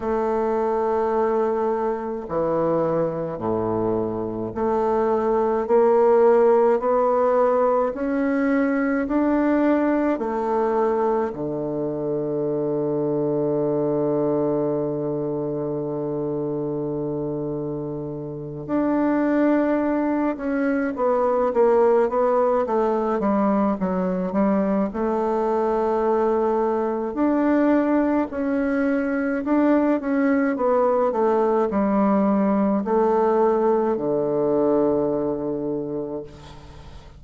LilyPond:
\new Staff \with { instrumentName = "bassoon" } { \time 4/4 \tempo 4 = 53 a2 e4 a,4 | a4 ais4 b4 cis'4 | d'4 a4 d2~ | d1~ |
d8 d'4. cis'8 b8 ais8 b8 | a8 g8 fis8 g8 a2 | d'4 cis'4 d'8 cis'8 b8 a8 | g4 a4 d2 | }